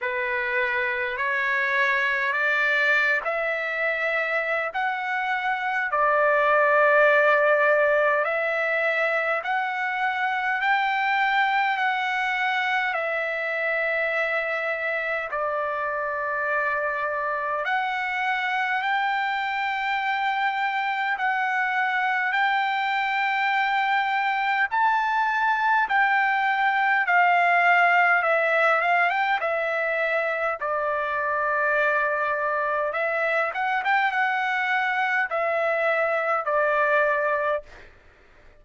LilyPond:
\new Staff \with { instrumentName = "trumpet" } { \time 4/4 \tempo 4 = 51 b'4 cis''4 d''8. e''4~ e''16 | fis''4 d''2 e''4 | fis''4 g''4 fis''4 e''4~ | e''4 d''2 fis''4 |
g''2 fis''4 g''4~ | g''4 a''4 g''4 f''4 | e''8 f''16 g''16 e''4 d''2 | e''8 fis''16 g''16 fis''4 e''4 d''4 | }